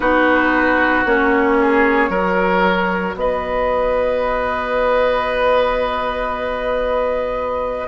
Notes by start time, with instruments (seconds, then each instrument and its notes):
0.00 bassoon B3, clarinet D#4, oboe F#4, flute B4
1.05 bassoon A#3, clarinet C#4, flute C#5
1.60 oboe G#4
2.09 bassoon F#3, clarinet F#4, oboe A#4
3.14 bassoon B3, oboe B4, flute D#5